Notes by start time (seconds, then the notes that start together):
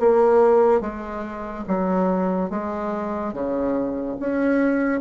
0.00 A#3
0.81 G#3
1.68 F#3
2.50 G#3
3.34 C#3
4.20 C#4